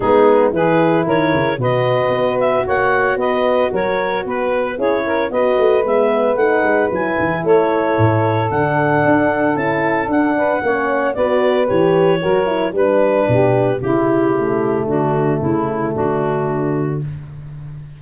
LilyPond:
<<
  \new Staff \with { instrumentName = "clarinet" } { \time 4/4 \tempo 4 = 113 gis'4 b'4 cis''4 dis''4~ | dis''8 e''8 fis''4 dis''4 cis''4 | b'4 cis''4 dis''4 e''4 | fis''4 gis''4 cis''2 |
fis''2 a''4 fis''4~ | fis''4 d''4 cis''2 | b'2 g'2 | fis'4 e'4 fis'2 | }
  \new Staff \with { instrumentName = "saxophone" } { \time 4/4 dis'4 gis'4 ais'4 b'4~ | b'4 cis''4 b'4 ais'4 | b'4 gis'8 ais'8 b'2~ | b'2 a'2~ |
a'2.~ a'8 b'8 | cis''4 b'2 ais'4 | b'4 g'4 e'2 | d'4 e'4 d'2 | }
  \new Staff \with { instrumentName = "horn" } { \time 4/4 b4 e'2 fis'4~ | fis'1~ | fis'4 e'4 fis'4 b4 | dis'4 e'2. |
d'2 e'4 d'4 | cis'4 fis'4 g'4 fis'8 e'8 | d'2 e'4 a4~ | a1 | }
  \new Staff \with { instrumentName = "tuba" } { \time 4/4 gis4 e4 dis8 cis8 b,4 | b4 ais4 b4 fis4 | b4 cis'4 b8 a8 gis4 | a8 gis8 fis8 e8 a4 a,4 |
d4 d'4 cis'4 d'4 | ais4 b4 e4 fis4 | g4 b,4 cis2 | d4 cis4 d2 | }
>>